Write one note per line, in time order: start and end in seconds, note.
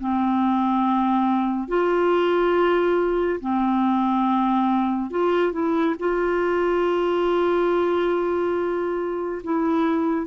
0.00 1.68 C4
1.68 3.40 F4
3.41 5.11 C4
5.11 5.52 F4
5.52 5.95 E4
6.00 9.42 F4
9.44 10.27 E4